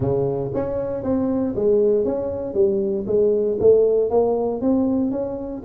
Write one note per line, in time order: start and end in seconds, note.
0.00 0.51 C#3
0.54 1.03 C#4
1.03 1.54 C4
1.55 2.04 G#3
2.04 2.54 C#4
2.54 3.05 G3
3.06 3.58 G#3
3.59 4.10 A3
4.10 4.61 A#3
4.61 5.11 C4
5.11 5.62 C#4